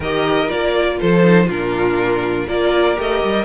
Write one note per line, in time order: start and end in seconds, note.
0.00 0.49 D#3
0.00 0.48 G4
0.00 0.96 A#4
0.00 0.49 D#5
0.48 1.01 A#3
0.48 1.22 F4
0.48 0.99 D5
1.00 1.48 F3
1.00 1.46 A4
1.00 1.49 C5
1.23 1.48 D#4
1.46 2.47 A#2
1.46 2.47 D4
1.46 2.45 F4
1.46 2.48 A#4
2.47 2.97 A#3
2.47 2.96 F4
2.47 3.45 A#4
2.47 2.98 D5
2.96 3.23 A3
2.96 3.45 G4
2.96 3.45 D#5
3.23 3.45 G3